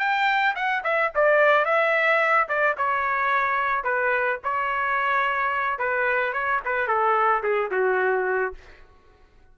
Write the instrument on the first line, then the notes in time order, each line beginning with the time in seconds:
trumpet
0.00 G5
0.56 F#5
0.84 E5
1.15 D5
1.66 E5
2.49 D5
2.77 C#5
3.84 B4
4.44 C#5
5.79 B4
6.33 C#5
6.65 B4
6.88 A4
7.43 G#4
7.71 F#4